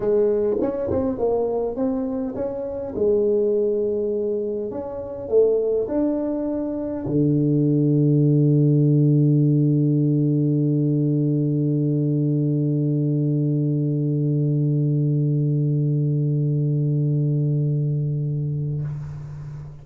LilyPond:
\new Staff \with { instrumentName = "tuba" } { \time 4/4 \tempo 4 = 102 gis4 cis'8 c'8 ais4 c'4 | cis'4 gis2. | cis'4 a4 d'2 | d1~ |
d1~ | d1~ | d1~ | d1 | }